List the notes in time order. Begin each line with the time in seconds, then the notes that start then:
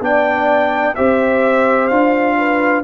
0.00 B3 D4 D5 G5
0.95 C4 G4 C5 E5
1.88 D4 F4 F5
2.37 B4